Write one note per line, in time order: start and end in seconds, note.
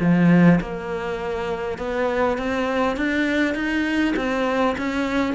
0.00 0.59 F3
0.60 1.78 A#3
1.78 2.37 B3
2.37 2.96 C4
2.96 3.54 D4
3.54 4.14 D#4
4.16 4.75 C4
4.78 5.34 C#4